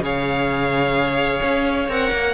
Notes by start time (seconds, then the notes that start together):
0.00 C#3 G#4 C#5 F5
1.43 C#4
1.88 C4 A#4 F#5
2.12 A#3